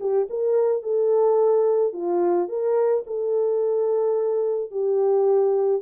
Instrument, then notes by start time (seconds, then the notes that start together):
horn
0.00 G4
0.30 A#4
0.83 A4
1.93 F4
2.48 A#4
3.07 A4
4.71 G4